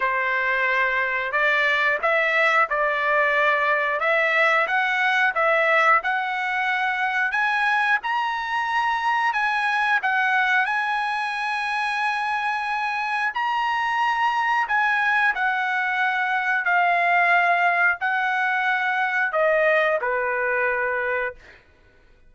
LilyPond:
\new Staff \with { instrumentName = "trumpet" } { \time 4/4 \tempo 4 = 90 c''2 d''4 e''4 | d''2 e''4 fis''4 | e''4 fis''2 gis''4 | ais''2 gis''4 fis''4 |
gis''1 | ais''2 gis''4 fis''4~ | fis''4 f''2 fis''4~ | fis''4 dis''4 b'2 | }